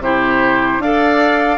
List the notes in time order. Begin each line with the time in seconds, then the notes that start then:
0.00 C3 E4 G4 C5
0.79 D4 A4 D5 F5